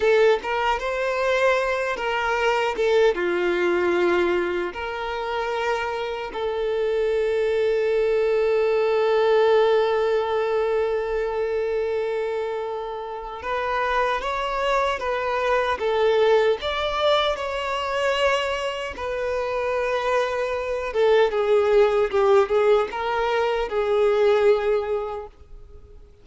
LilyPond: \new Staff \with { instrumentName = "violin" } { \time 4/4 \tempo 4 = 76 a'8 ais'8 c''4. ais'4 a'8 | f'2 ais'2 | a'1~ | a'1~ |
a'4 b'4 cis''4 b'4 | a'4 d''4 cis''2 | b'2~ b'8 a'8 gis'4 | g'8 gis'8 ais'4 gis'2 | }